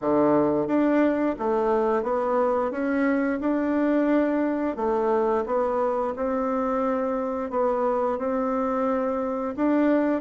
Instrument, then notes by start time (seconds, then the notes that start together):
bassoon
0.01 D3
0.67 D4
1.39 A3
2.03 B3
2.71 C#4
3.40 D4
4.76 A3
5.45 B3
6.15 C4
7.50 B3
8.18 C4
9.56 D4